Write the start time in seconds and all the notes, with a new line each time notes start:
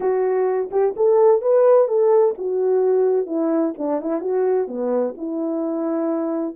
0.00 F#4
0.71 G4
0.96 A4
1.41 B4
1.87 A4
2.37 F#4
3.26 E4
3.77 D4
4.01 E4
4.20 F#4
4.67 B3
5.17 E4